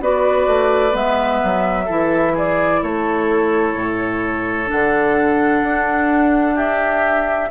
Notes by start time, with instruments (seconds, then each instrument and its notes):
0.00 bassoon B3, clarinet F#4, oboe B4, flute D5
0.47 bassoon A3
0.90 bassoon G#3, clarinet B3, flute E5
1.43 bassoon F#3
1.85 bassoon E3, clarinet E4, oboe A4
2.33 oboe G#4, flute D5
2.82 bassoon A3, oboe A4, flute C#5
3.74 bassoon A2
4.66 bassoon D3, clarinet D4, flute F#5
5.62 bassoon D4
6.54 oboe G4, flute E5